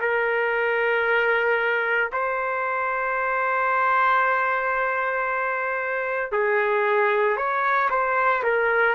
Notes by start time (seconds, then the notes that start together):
0.00 A#4
2.12 C5
6.32 G#4
7.36 C#5
7.90 C5
8.43 A#4